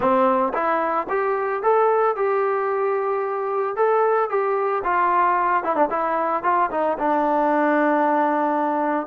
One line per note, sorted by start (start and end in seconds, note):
0.00 0.53 C4
0.53 1.07 E4
1.09 1.62 G4
1.62 2.16 A4
2.16 3.75 G4
3.75 4.29 A4
4.29 4.83 G4
4.84 5.63 F4
5.63 5.75 E4
5.75 5.89 D4
5.90 6.43 E4
6.43 6.70 F4
6.70 6.97 D#4
6.98 9.07 D4